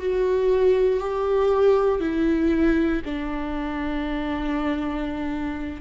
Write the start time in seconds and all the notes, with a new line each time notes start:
0.00 F#4
1.00 G4
2.01 E4
3.06 D4